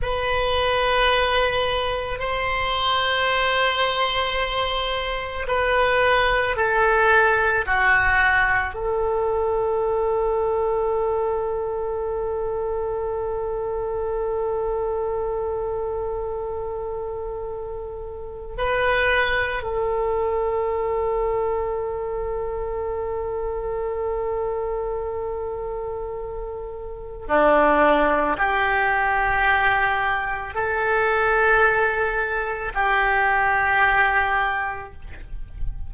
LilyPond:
\new Staff \with { instrumentName = "oboe" } { \time 4/4 \tempo 4 = 55 b'2 c''2~ | c''4 b'4 a'4 fis'4 | a'1~ | a'1~ |
a'4 b'4 a'2~ | a'1~ | a'4 d'4 g'2 | a'2 g'2 | }